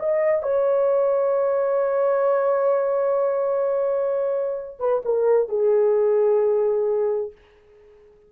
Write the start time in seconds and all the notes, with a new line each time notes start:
0.00 D#5
0.43 C#5
4.80 B4
5.05 A#4
5.49 G#4